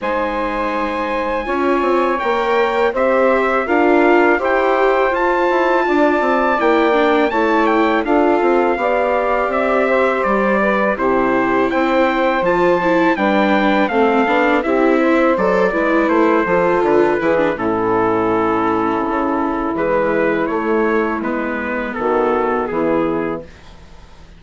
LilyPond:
<<
  \new Staff \with { instrumentName = "trumpet" } { \time 4/4 \tempo 4 = 82 gis''2. g''4 | e''4 f''4 g''4 a''4~ | a''4 g''4 a''8 g''8 f''4~ | f''4 e''4 d''4 c''4 |
g''4 a''4 g''4 f''4 | e''4 d''4 c''4 b'4 | a'2. b'4 | cis''4 b'4 a'4 gis'4 | }
  \new Staff \with { instrumentName = "saxophone" } { \time 4/4 c''2 cis''2 | c''4 ais'4 c''2 | d''2 cis''4 a'4 | d''4. c''4 b'8 g'4 |
c''2 b'4 a'4 | g'8 c''4 b'4 a'4 gis'8 | e'1~ | e'2 fis'4 e'4 | }
  \new Staff \with { instrumentName = "viola" } { \time 4/4 dis'2 f'4 ais'4 | g'4 f'4 g'4 f'4~ | f'4 e'8 d'8 e'4 f'4 | g'2. e'4~ |
e'4 f'8 e'8 d'4 c'8 d'8 | e'4 a'8 e'4 f'4 e'16 d'16 | cis'2. gis4 | a4 b2. | }
  \new Staff \with { instrumentName = "bassoon" } { \time 4/4 gis2 cis'8 c'8 ais4 | c'4 d'4 e'4 f'8 e'8 | d'8 c'8 ais4 a4 d'8 c'8 | b4 c'4 g4 c4 |
c'4 f4 g4 a8 b8 | c'4 fis8 gis8 a8 f8 d8 e8 | a,2 cis4 e4 | a4 gis4 dis4 e4 | }
>>